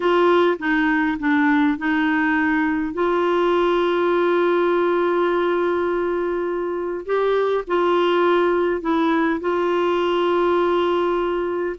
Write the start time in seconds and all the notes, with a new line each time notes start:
0.00 F4
0.58 D#4
1.19 D4
1.78 D#4
2.93 F4
7.05 G4
7.67 F4
8.81 E4
9.40 F4